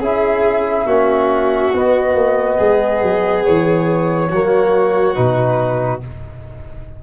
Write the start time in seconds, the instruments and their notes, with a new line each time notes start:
0.00 tuba C#4, trombone E4, violin G#4, flute E5
0.86 tuba A#3, trombone C#4, violin F#4
1.74 tuba B3, trombone B3, flute D#5
2.15 tuba A#3
2.57 tuba G#3, violin G#4
3.02 tuba F#3
3.44 tuba E3, flute C#5
4.29 tuba F#3, trombone A#3, violin F#4
5.15 tuba B2, trombone D#4, flute B4